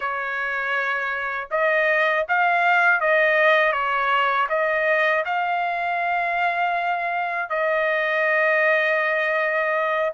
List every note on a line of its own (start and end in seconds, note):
0.00 1.48 C#5
1.50 2.25 D#5
2.28 3.00 F5
3.00 3.72 D#5
3.72 4.47 C#5
4.49 5.24 D#5
5.25 7.49 F5
7.49 10.12 D#5